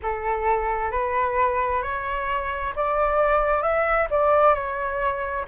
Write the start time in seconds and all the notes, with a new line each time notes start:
0.02 A4
0.91 B4
1.82 C#5
2.75 D5
3.62 E5
4.10 D5
4.54 C#5